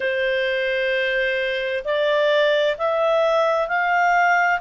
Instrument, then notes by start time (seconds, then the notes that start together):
clarinet
0.00 C5
1.84 D5
2.77 E5
3.68 F5